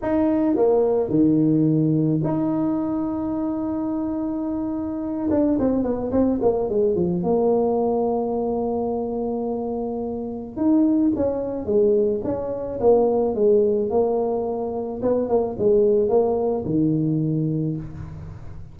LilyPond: \new Staff \with { instrumentName = "tuba" } { \time 4/4 \tempo 4 = 108 dis'4 ais4 dis2 | dis'1~ | dis'4. d'8 c'8 b8 c'8 ais8 | gis8 f8 ais2.~ |
ais2. dis'4 | cis'4 gis4 cis'4 ais4 | gis4 ais2 b8 ais8 | gis4 ais4 dis2 | }